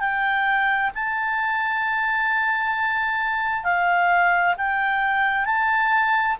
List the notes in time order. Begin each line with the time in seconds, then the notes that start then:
0.00 G5
0.95 A5
3.64 F5
4.57 G5
5.45 A5